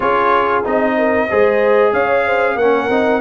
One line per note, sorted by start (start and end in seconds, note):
0.00 0.64 C#4
0.00 0.63 F4
0.00 0.95 G#4
0.00 0.63 C#5
0.63 1.30 C4
0.63 1.28 D#4
0.63 1.93 D#5
0.97 1.29 A#4
1.29 1.92 G#3
1.29 2.59 G#4
1.29 1.92 C5
1.92 2.55 C#4
1.92 2.24 C#5
1.92 2.57 F5
2.25 2.57 C5
2.55 2.88 A#3
2.55 2.90 C#4
2.55 3.21 A#4
2.55 3.21 F#5
2.89 3.21 C4
2.89 3.21 D#4